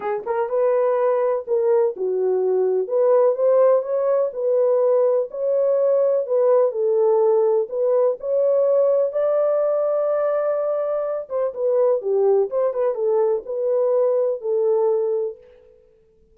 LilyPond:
\new Staff \with { instrumentName = "horn" } { \time 4/4 \tempo 4 = 125 gis'8 ais'8 b'2 ais'4 | fis'2 b'4 c''4 | cis''4 b'2 cis''4~ | cis''4 b'4 a'2 |
b'4 cis''2 d''4~ | d''2.~ d''8 c''8 | b'4 g'4 c''8 b'8 a'4 | b'2 a'2 | }